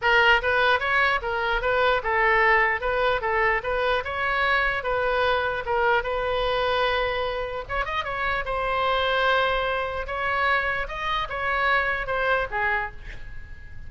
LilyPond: \new Staff \with { instrumentName = "oboe" } { \time 4/4 \tempo 4 = 149 ais'4 b'4 cis''4 ais'4 | b'4 a'2 b'4 | a'4 b'4 cis''2 | b'2 ais'4 b'4~ |
b'2. cis''8 dis''8 | cis''4 c''2.~ | c''4 cis''2 dis''4 | cis''2 c''4 gis'4 | }